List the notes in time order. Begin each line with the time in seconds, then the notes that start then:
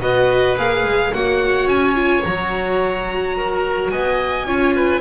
0.00 B3 F#4 B4 D#5
0.57 A#3 G#4 F5
0.84 G#3
1.12 A#3 F#4 C#5 F#5
1.65 C#4 G#5
1.94 F4
2.24 F#3 F#4 A#5
3.37 A#4
3.90 B3 D#5 G#5
4.44 C#4 F4 C#5
4.75 B4